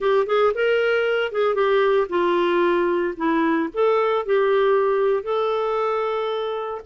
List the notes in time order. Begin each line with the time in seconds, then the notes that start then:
0.00 G4
0.26 G#4
0.54 A#4
1.32 G#4
1.54 G4
2.09 F4
3.16 E4
3.73 A4
4.25 G4
5.23 A4